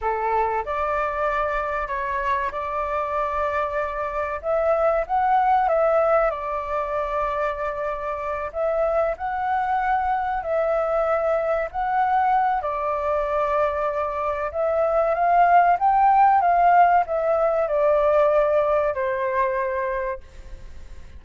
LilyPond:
\new Staff \with { instrumentName = "flute" } { \time 4/4 \tempo 4 = 95 a'4 d''2 cis''4 | d''2. e''4 | fis''4 e''4 d''2~ | d''4. e''4 fis''4.~ |
fis''8 e''2 fis''4. | d''2. e''4 | f''4 g''4 f''4 e''4 | d''2 c''2 | }